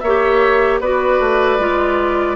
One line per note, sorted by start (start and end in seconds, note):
0.00 0.80 A#3
0.00 0.81 C#5
0.00 0.79 E5
0.06 0.83 G4
0.80 1.20 B3
0.80 1.60 F#4
0.80 2.37 B4
0.80 2.37 D5
1.20 1.59 A3
1.59 2.37 G#3
1.59 2.37 F4